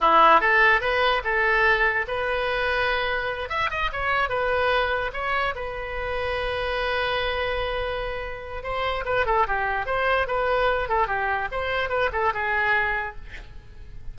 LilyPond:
\new Staff \with { instrumentName = "oboe" } { \time 4/4 \tempo 4 = 146 e'4 a'4 b'4 a'4~ | a'4 b'2.~ | b'8 e''8 dis''8 cis''4 b'4.~ | b'8 cis''4 b'2~ b'8~ |
b'1~ | b'4 c''4 b'8 a'8 g'4 | c''4 b'4. a'8 g'4 | c''4 b'8 a'8 gis'2 | }